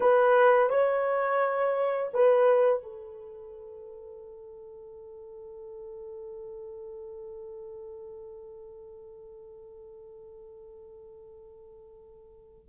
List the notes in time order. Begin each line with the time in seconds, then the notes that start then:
0.00 B4
0.69 C#5
2.13 B4
2.82 A4